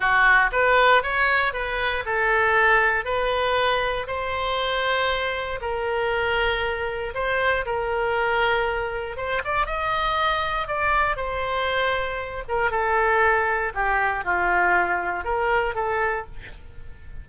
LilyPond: \new Staff \with { instrumentName = "oboe" } { \time 4/4 \tempo 4 = 118 fis'4 b'4 cis''4 b'4 | a'2 b'2 | c''2. ais'4~ | ais'2 c''4 ais'4~ |
ais'2 c''8 d''8 dis''4~ | dis''4 d''4 c''2~ | c''8 ais'8 a'2 g'4 | f'2 ais'4 a'4 | }